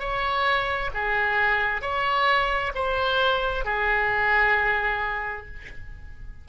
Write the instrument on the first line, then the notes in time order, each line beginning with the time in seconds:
oboe
0.00 C#5
0.95 G#4
1.82 C#5
2.75 C5
3.65 G#4